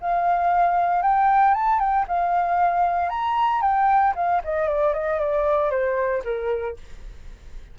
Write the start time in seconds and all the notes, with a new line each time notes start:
0.00 F5
1.02 G5
1.54 A5
1.79 G5
2.07 F5
3.09 A#5
3.61 G5
4.15 F5
4.44 D#5
4.68 D5
4.93 D#5
5.19 D5
5.70 C5
6.24 A#4